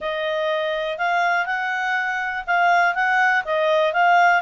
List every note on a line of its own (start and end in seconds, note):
0.00 0.97 D#5
0.97 1.46 F5
1.46 2.44 F#5
2.47 2.95 F5
2.95 3.44 F#5
3.44 3.93 D#5
3.93 4.42 F5